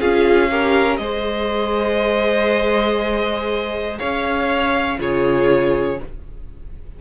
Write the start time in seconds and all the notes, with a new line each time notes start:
0.00 C#4 F4 G#4 F5
0.51 G4 A#4
0.97 G#3 G#4 C5 D#5
3.99 C#4 C#5 F5
4.98 C#3 F4 G#4 C#5